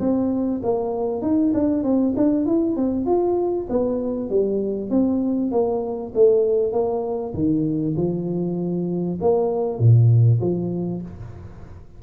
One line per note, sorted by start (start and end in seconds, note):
0.00 0.61 C4
0.63 1.22 A#3
1.22 1.53 D#4
1.54 1.84 D4
1.84 2.14 C4
2.17 2.46 D4
2.46 2.76 E4
2.76 3.06 C4
3.06 3.67 F4
3.70 4.30 B3
4.30 4.91 G3
4.91 5.52 C4
5.52 6.13 A#3
6.15 6.73 A3
6.73 7.34 A#3
7.34 7.95 D#3
7.97 9.19 F3
9.21 9.79 A#3
9.79 10.40 A#2
10.41 11.02 F3